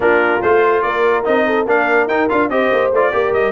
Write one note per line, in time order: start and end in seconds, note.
0.00 0.40 A#3
0.00 0.40 D4
0.00 0.84 F4
0.00 0.41 A#4
0.41 0.84 A3
0.41 1.24 F4
0.41 0.82 C5
0.82 1.25 A#3
0.82 1.46 A#4
0.82 1.23 D5
1.24 1.65 C4
1.24 1.65 D#4
1.24 1.66 D#5
1.46 1.67 A4
1.65 2.07 A#3
1.65 2.09 D4
1.65 2.50 A#4
1.65 2.08 F5
2.07 2.27 D#4
2.07 2.29 D#4
2.07 2.28 G5
2.29 2.49 D4
2.29 2.50 F4
2.29 2.49 F5
2.49 2.70 C4
2.49 2.92 G4
2.49 3.13 C5
2.49 2.91 D#5
2.71 2.91 A#3
2.91 3.12 A3
2.91 3.11 F4
2.91 3.33 D5
3.11 3.32 A#3
3.11 3.52 G4
3.11 3.52 A#4
3.32 3.52 G3
3.32 3.52 D#5